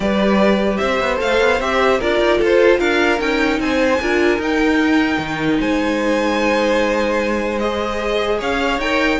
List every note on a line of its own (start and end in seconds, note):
0.00 0.78 G3
0.00 1.17 G4
0.00 0.79 B4
0.00 0.77 D5
0.77 1.00 C4
0.77 1.98 C5
0.77 1.17 E5
1.00 1.20 B3
1.17 1.40 A3
1.17 1.57 A4
1.17 1.60 F5
1.40 1.60 B3
1.60 2.00 C4
1.60 2.01 G4
1.60 2.00 E5
1.98 2.19 D4
1.98 3.18 F4
1.98 2.38 A#4
1.98 2.41 D5
2.19 2.39 D#4
2.38 2.79 F4
2.38 2.78 A4
2.44 2.80 C5
2.79 3.19 D4
2.79 3.59 A#4
2.79 3.19 F5
3.18 3.59 C#4
3.18 3.98 D#4
3.18 3.59 G5
3.59 3.99 C4
3.59 4.01 C5
3.59 4.41 G#5
4.01 4.38 D4
4.01 4.40 F4
4.01 5.59 A#4
4.38 5.18 D#4
4.38 7.60 D#4
4.38 5.60 G5
5.18 5.58 D#3
5.59 8.41 G#3
5.59 8.38 C5
5.59 7.58 G#5
7.58 8.80 G#4
7.58 8.38 D#5
8.38 8.78 C#4
8.38 9.18 C#5
8.38 8.80 F5
8.78 9.18 D#4
8.78 9.20 A#4
8.78 9.20 G5